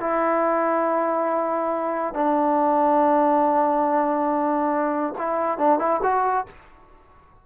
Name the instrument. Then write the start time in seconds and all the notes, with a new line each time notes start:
trombone
0.00 E4
2.14 D4
5.18 E4
5.58 D4
5.79 E4
6.03 F#4